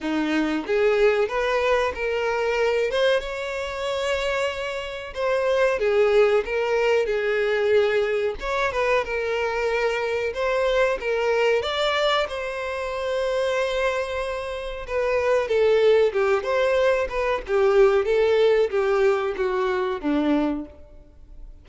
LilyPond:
\new Staff \with { instrumentName = "violin" } { \time 4/4 \tempo 4 = 93 dis'4 gis'4 b'4 ais'4~ | ais'8 c''8 cis''2. | c''4 gis'4 ais'4 gis'4~ | gis'4 cis''8 b'8 ais'2 |
c''4 ais'4 d''4 c''4~ | c''2. b'4 | a'4 g'8 c''4 b'8 g'4 | a'4 g'4 fis'4 d'4 | }